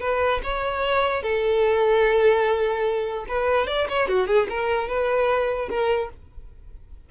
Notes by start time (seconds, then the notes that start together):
0.00 B4
0.43 C#5
1.22 A4
3.28 B4
3.67 D5
3.88 C#5
4.08 F#4
4.27 G#4
4.49 A#4
4.88 B4
5.68 A#4